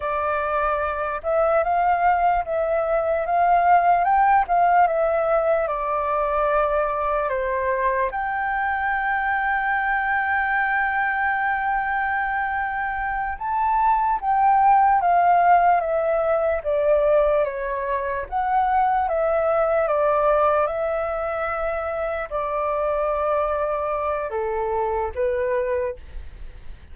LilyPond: \new Staff \with { instrumentName = "flute" } { \time 4/4 \tempo 4 = 74 d''4. e''8 f''4 e''4 | f''4 g''8 f''8 e''4 d''4~ | d''4 c''4 g''2~ | g''1~ |
g''8 a''4 g''4 f''4 e''8~ | e''8 d''4 cis''4 fis''4 e''8~ | e''8 d''4 e''2 d''8~ | d''2 a'4 b'4 | }